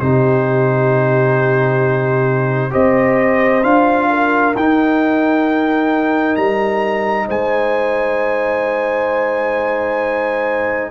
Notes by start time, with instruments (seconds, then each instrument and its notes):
0.00 tuba C3, trombone D#4, horn G4, trumpet C5
2.71 tuba C4, trombone G4, horn C5, trumpet D#5
3.63 tuba D4, trombone F4, trumpet F5
4.10 horn A#4
4.56 tuba D#4, trombone D#4, trumpet G5
6.36 tuba G3, trumpet A#5
7.27 tuba G#3, horn C5, trumpet G#5